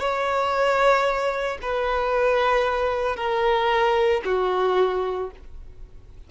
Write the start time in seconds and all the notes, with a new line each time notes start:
0.00 C#5
1.62 B4
3.16 A#4
4.25 F#4